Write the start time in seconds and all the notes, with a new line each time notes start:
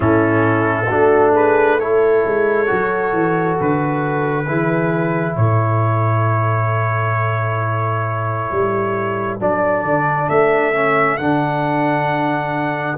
0.00 A2 C#4 E4 A4
0.86 A3 D4 F#4
1.33 G#4 B4
1.79 E4 A4 C#5
2.25 G#3
2.66 F#3 F#4
3.12 E3
3.60 D3 B4
4.46 E3 E4 G#4
5.36 A2 A4 C#5
8.50 G3
9.40 F#3 D4 D5
9.83 D3
10.29 A3 E5
10.73 C#4
11.17 D3 D4 F#5